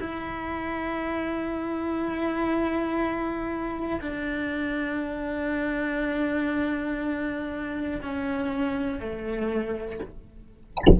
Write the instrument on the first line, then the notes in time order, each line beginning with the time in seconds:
cello
0.00 E4
4.01 D4
8.02 C#4
9.00 A3